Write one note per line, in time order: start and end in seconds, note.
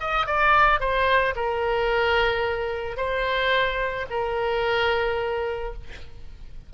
0.00 0.26 D#5
0.26 0.80 D5
0.80 1.34 C5
1.35 2.97 A#4
2.97 4.06 C5
4.10 5.73 A#4